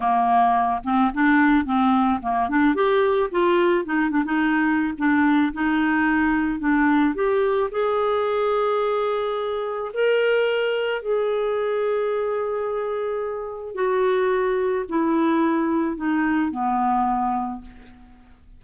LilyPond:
\new Staff \with { instrumentName = "clarinet" } { \time 4/4 \tempo 4 = 109 ais4. c'8 d'4 c'4 | ais8 d'8 g'4 f'4 dis'8 d'16 dis'16~ | dis'4 d'4 dis'2 | d'4 g'4 gis'2~ |
gis'2 ais'2 | gis'1~ | gis'4 fis'2 e'4~ | e'4 dis'4 b2 | }